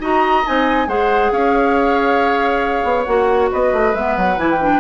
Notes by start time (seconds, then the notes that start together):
0.00 D#4 F#4 D#5 A#5
0.45 C4 D#4 G#5
0.87 G#3 G#4 C5 F#5
1.31 C#4 C#5 F5
2.84 B3
3.04 A#3 F#4 F#5
3.51 B3 B4 D#5
3.73 A3
3.94 G#3 B3 E5
4.17 F#3 F#5
4.37 E3 E4 G#5
4.50 G5
4.60 D4